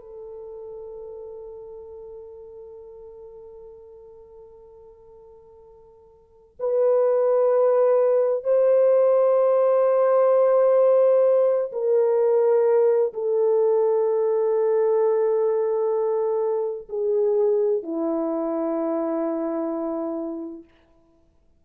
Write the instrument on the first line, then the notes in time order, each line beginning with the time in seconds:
horn
0.00 A4
6.59 B4
8.44 C5
11.72 A#4
13.13 A4
16.89 G#4
17.83 E4